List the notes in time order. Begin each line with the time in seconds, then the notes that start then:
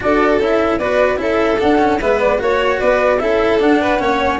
0.00 D4 F#4 A4 D5
0.39 C#4 E4 E5
0.78 B3 F#4 B4 D5
1.17 C#4 E4 A4 E5
1.58 D4 F#5
1.78 C#4
1.99 G#3 B3 B4 E5
2.20 D5
2.38 A#3 F#4 C#5
2.79 B3 B4 D5
3.19 C#4 E4 A4 E5
3.59 D4 F#5
3.81 B4
3.99 A#3 C#4 C#5